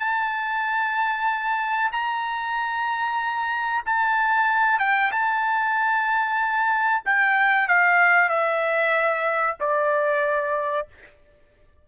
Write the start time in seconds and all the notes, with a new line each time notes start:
0.00 A5
1.92 A#5
3.86 A5
4.80 G5
5.12 A5
7.06 G5
7.69 F5
8.30 E5
9.60 D5